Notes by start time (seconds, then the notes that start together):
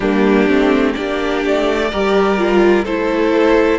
0.00 G3 A#3 D4 G4
0.48 A3 C4
0.93 A#3 D4 G4 D5
1.44 A3
1.91 G3 G4 A#4
2.37 F4
2.84 A3 E4 A4 C5